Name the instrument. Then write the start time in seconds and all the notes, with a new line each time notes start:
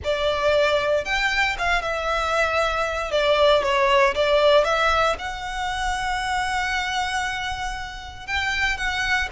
violin
0.04 D5
1.04 G5
1.58 F5
1.82 E5
3.11 D5
3.62 C#5
4.14 D5
4.64 E5
5.18 F#5
8.26 G5
8.77 F#5